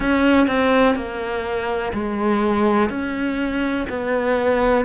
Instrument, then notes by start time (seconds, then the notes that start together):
cello
0.00 C#4
0.47 C4
0.95 A#3
1.93 G#3
2.89 C#4
3.89 B3